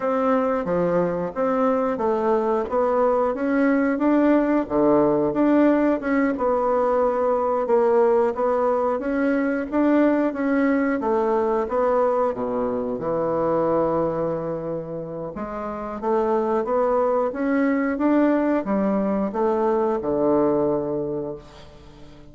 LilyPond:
\new Staff \with { instrumentName = "bassoon" } { \time 4/4 \tempo 4 = 90 c'4 f4 c'4 a4 | b4 cis'4 d'4 d4 | d'4 cis'8 b2 ais8~ | ais8 b4 cis'4 d'4 cis'8~ |
cis'8 a4 b4 b,4 e8~ | e2. gis4 | a4 b4 cis'4 d'4 | g4 a4 d2 | }